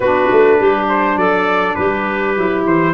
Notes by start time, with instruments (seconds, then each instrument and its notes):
0.00 tuba B3, saxophone D4, clarinet F#4, trumpet B4
0.31 tuba A3
0.58 tuba G3, clarinet G4
0.88 trumpet C5
1.16 tuba F#3, clarinet A4, trumpet D5
1.75 tuba G3, clarinet G4, trumpet B4
2.35 tuba F#3, saxophone E4
2.65 tuba E3, trumpet C5